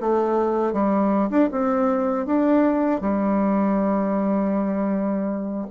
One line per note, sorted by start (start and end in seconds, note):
0.00 0.72 A3
0.72 1.29 G3
1.30 1.49 D4
1.51 2.26 C4
2.26 3.00 D4
3.00 5.66 G3